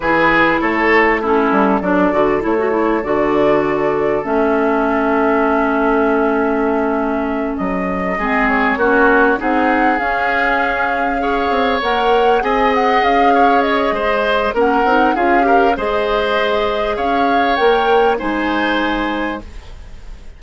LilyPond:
<<
  \new Staff \with { instrumentName = "flute" } { \time 4/4 \tempo 4 = 99 b'4 cis''4 a'4 d''4 | cis''4 d''2 e''4~ | e''1~ | e''8 dis''4. cis''4. fis''8~ |
fis''8 f''2. fis''8~ | fis''8 gis''8 fis''8 f''4 dis''4. | fis''4 f''4 dis''2 | f''4 g''4 gis''2 | }
  \new Staff \with { instrumentName = "oboe" } { \time 4/4 gis'4 a'4 e'4 a'4~ | a'1~ | a'1~ | a'4. gis'4 fis'4 gis'8~ |
gis'2~ gis'8 cis''4.~ | cis''8 dis''4. cis''4 c''4 | ais'4 gis'8 ais'8 c''2 | cis''2 c''2 | }
  \new Staff \with { instrumentName = "clarinet" } { \time 4/4 e'2 cis'4 d'8 fis'8 | e'16 fis'16 e'8 fis'2 cis'4~ | cis'1~ | cis'4. c'4 cis'4 dis'8~ |
dis'8 cis'2 gis'4 ais'8~ | ais'8 gis'2.~ gis'8 | cis'8 dis'8 f'8 g'8 gis'2~ | gis'4 ais'4 dis'2 | }
  \new Staff \with { instrumentName = "bassoon" } { \time 4/4 e4 a4. g8 fis8 d8 | a4 d2 a4~ | a1~ | a8 fis4 gis4 ais4 c'8~ |
c'8 cis'2~ cis'8 c'8 ais8~ | ais8 c'4 cis'4. gis4 | ais8 c'8 cis'4 gis2 | cis'4 ais4 gis2 | }
>>